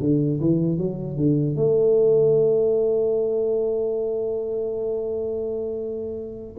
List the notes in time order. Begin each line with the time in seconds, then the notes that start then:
0.00 D3
0.40 E3
0.78 F#3
1.16 D3
1.56 A3